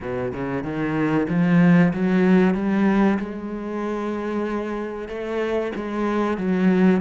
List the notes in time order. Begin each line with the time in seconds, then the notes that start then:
0.01 B2
0.33 C#3
0.63 D#3
1.29 F3
1.93 F#3
2.54 G3
3.19 G#3
5.08 A3
5.75 G#3
6.37 F#3